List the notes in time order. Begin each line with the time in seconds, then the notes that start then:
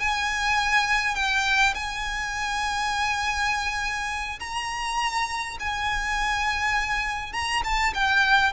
0.00 G#5
1.16 G5
1.75 G#5
4.40 A#5
5.60 G#5
7.33 A#5
7.64 A5
7.94 G5